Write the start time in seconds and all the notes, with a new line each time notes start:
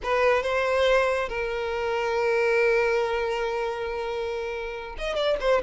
0.03 B4
0.42 C5
1.29 A#4
4.98 D#5
5.15 D5
5.40 C5